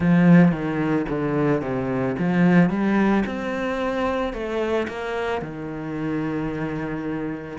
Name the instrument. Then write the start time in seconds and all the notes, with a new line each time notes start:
cello
0.00 F3
0.51 D#3
1.09 D3
1.61 C3
2.18 F3
2.69 G3
3.26 C4
4.33 A3
4.88 A#3
5.41 D#3